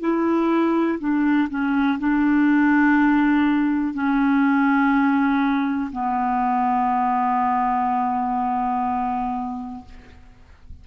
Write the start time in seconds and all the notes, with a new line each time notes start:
0.00 E4
0.99 D4
1.49 C#4
1.99 D4
3.94 C#4
5.92 B3